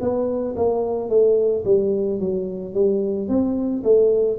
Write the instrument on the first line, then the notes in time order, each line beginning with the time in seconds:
tuba
0.00 B3
0.56 A#3
1.09 A3
1.65 G3
2.19 F#3
2.74 G3
3.28 C4
3.83 A3